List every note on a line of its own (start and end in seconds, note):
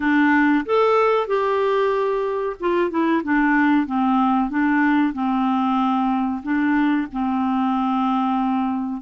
0.00 0.65 D4
0.65 1.27 A4
1.27 2.56 G4
2.60 2.90 F4
2.90 3.22 E4
3.23 3.86 D4
3.86 4.50 C4
4.50 5.13 D4
5.13 6.42 C4
6.42 7.07 D4
7.12 9.01 C4